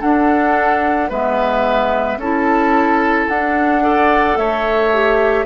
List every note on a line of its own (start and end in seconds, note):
0.00 1.09 D4
0.00 1.11 D4
0.00 1.09 A4
0.00 1.10 F#5
1.09 2.17 G#3
1.09 2.19 B3
1.09 2.18 B4
1.09 2.20 E5
2.17 3.26 C#4
2.17 3.31 E4
2.17 3.83 A4
2.17 3.28 A5
3.28 4.37 D4
3.28 3.82 D4
3.28 4.37 F#5
3.82 4.91 A4
3.82 4.38 D5
4.37 5.45 A3
4.37 5.45 C#5
4.37 5.45 E5
4.93 5.45 G4